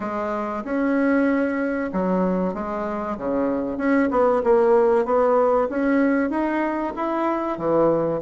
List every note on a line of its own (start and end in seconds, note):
0.00 0.63 G#3
0.64 1.90 C#4
1.92 2.53 F#3
2.53 3.17 G#3
3.17 3.77 C#3
3.77 4.09 C#4
4.11 4.42 B3
4.43 5.05 A#3
5.05 5.68 B3
5.69 6.30 C#4
6.30 6.93 D#4
6.96 7.58 E4
7.58 8.21 E3